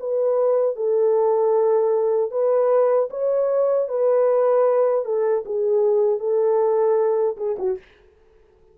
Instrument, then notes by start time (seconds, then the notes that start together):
horn
0.00 B4
0.76 A4
2.31 B4
3.11 C#5
3.88 B4
5.05 A4
5.45 G#4
6.19 A4
7.37 G#4
7.59 F#4